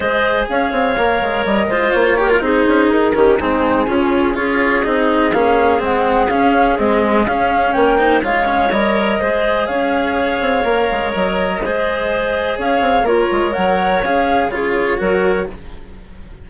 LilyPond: <<
  \new Staff \with { instrumentName = "flute" } { \time 4/4 \tempo 4 = 124 dis''4 f''2 dis''4 | cis''4 c''4 ais'4 gis'4~ | gis'4 cis''4 dis''4 f''4 | fis''4 f''4 dis''4 f''4 |
g''4 f''4 dis''2 | f''2. dis''4~ | dis''2 f''4 cis''4 | fis''4 f''4 cis''2 | }
  \new Staff \with { instrumentName = "clarinet" } { \time 4/4 c''4 cis''2~ cis''8 c''8~ | c''8 ais'8 gis'4. g'8 dis'4 | f'4 gis'2.~ | gis'1 |
ais'8 c''8 cis''2 c''4 | cis''1 | c''2 cis''4 f'4 | cis''2 gis'4 ais'4 | }
  \new Staff \with { instrumentName = "cello" } { \time 4/4 gis'2 ais'4. f'8~ | f'8 g'16 f'16 dis'4. cis'8 c'4 | cis'4 f'4 dis'4 cis'4 | c'4 cis'4 gis4 cis'4~ |
cis'8 dis'8 f'8 cis'8 ais'4 gis'4~ | gis'2 ais'2 | gis'2. ais'4~ | ais'4 gis'4 f'4 fis'4 | }
  \new Staff \with { instrumentName = "bassoon" } { \time 4/4 gis4 cis'8 c'8 ais8 gis8 g8 gis8 | ais4 c'8 cis'8 dis'8 dis8 gis4 | cis4 cis'4 c'4 ais4 | gis4 cis'4 c'4 cis'4 |
ais4 gis4 g4 gis4 | cis'4. c'8 ais8 gis8 fis4 | gis2 cis'8 c'8 ais8 gis8 | fis4 cis'4 cis4 fis4 | }
>>